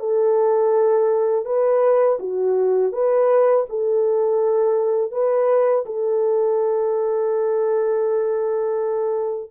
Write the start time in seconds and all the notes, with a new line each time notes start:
0.00 A4
1.46 B4
2.20 F#4
2.93 B4
3.70 A4
5.12 B4
5.86 A4